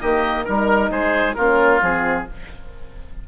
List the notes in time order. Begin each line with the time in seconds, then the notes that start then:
0.00 D#3 A#3 G4 D#5
0.44 G3 D#4 A#4
0.90 G#3 G#4 C5
1.34 A#3 C#4 F4 A#4
1.81 F3 C4 G#4